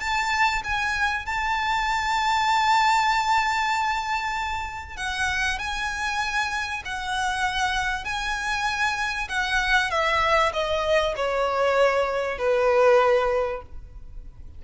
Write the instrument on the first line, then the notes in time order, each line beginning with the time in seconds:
violin
0.00 A5
0.64 G#5
1.26 A5
4.97 F#5
5.58 G#5
6.85 F#5
8.04 G#5
9.28 F#5
9.90 E5
10.53 D#5
11.16 C#5
12.38 B4